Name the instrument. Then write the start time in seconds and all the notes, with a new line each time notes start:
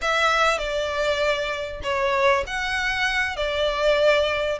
violin
0.01 E5
0.58 D5
1.83 C#5
2.46 F#5
3.36 D5